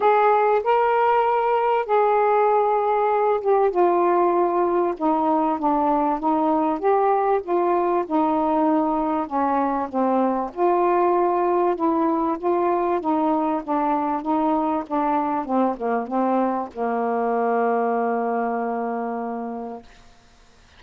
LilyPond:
\new Staff \with { instrumentName = "saxophone" } { \time 4/4 \tempo 4 = 97 gis'4 ais'2 gis'4~ | gis'4. g'8 f'2 | dis'4 d'4 dis'4 g'4 | f'4 dis'2 cis'4 |
c'4 f'2 e'4 | f'4 dis'4 d'4 dis'4 | d'4 c'8 ais8 c'4 ais4~ | ais1 | }